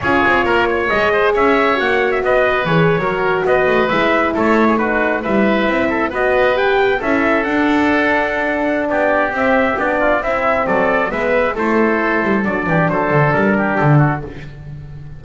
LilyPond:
<<
  \new Staff \with { instrumentName = "trumpet" } { \time 4/4 \tempo 4 = 135 cis''2 dis''4 e''4 | fis''8. e''16 dis''4 cis''4.~ cis''16 dis''16~ | dis''8. e''4 cis''4 b'4 e''16~ | e''4.~ e''16 dis''4 g''4 e''16~ |
e''8. fis''2.~ fis''16 | d''4 e''4 d''4 e''4 | d''4 e''4 c''2 | d''4 c''4 ais'4 a'4 | }
  \new Staff \with { instrumentName = "oboe" } { \time 4/4 gis'4 ais'8 cis''4 c''8 cis''4~ | cis''4 b'4.~ b'16 ais'4 b'16~ | b'4.~ b'16 a'8. gis'16 fis'4 b'16~ | b'4~ b'16 a'8 b'2 a'16~ |
a'1 | g'2~ g'8 f'8 e'4 | a'4 b'4 a'2~ | a'8 g'8 a'4. g'4 fis'8 | }
  \new Staff \with { instrumentName = "horn" } { \time 4/4 f'2 gis'2 | fis'2 gis'8. fis'4~ fis'16~ | fis'8. e'2 dis'4 e'16~ | e'4.~ e'16 fis'4 g'4 e'16~ |
e'8. d'2.~ d'16~ | d'4 c'4 d'4 c'4~ | c'4 b4 e'2 | d'1 | }
  \new Staff \with { instrumentName = "double bass" } { \time 4/4 cis'8 c'8 ais4 gis4 cis'4 | ais4 b4 e8. fis4 b16~ | b16 a8 gis4 a2 g16~ | g8. c'4 b2 cis'16~ |
cis'8. d'2.~ d'16 | b4 c'4 b4 c'4 | fis4 gis4 a4. g8 | fis8 e8 fis8 d8 g4 d4 | }
>>